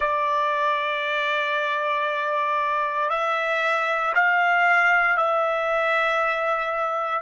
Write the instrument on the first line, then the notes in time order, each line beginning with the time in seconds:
trumpet
0.00 D5
3.09 E5
4.14 F5
5.16 E5